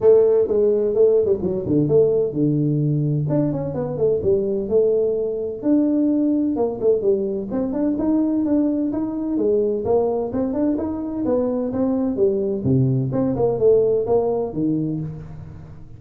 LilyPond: \new Staff \with { instrumentName = "tuba" } { \time 4/4 \tempo 4 = 128 a4 gis4 a8. g16 fis8 d8 | a4 d2 d'8 cis'8 | b8 a8 g4 a2 | d'2 ais8 a8 g4 |
c'8 d'8 dis'4 d'4 dis'4 | gis4 ais4 c'8 d'8 dis'4 | b4 c'4 g4 c4 | c'8 ais8 a4 ais4 dis4 | }